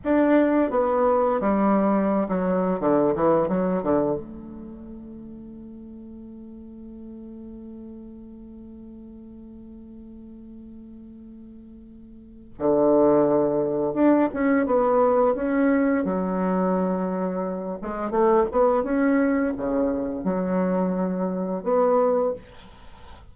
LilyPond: \new Staff \with { instrumentName = "bassoon" } { \time 4/4 \tempo 4 = 86 d'4 b4 g4~ g16 fis8. | d8 e8 fis8 d8 a2~ | a1~ | a1~ |
a2 d2 | d'8 cis'8 b4 cis'4 fis4~ | fis4. gis8 a8 b8 cis'4 | cis4 fis2 b4 | }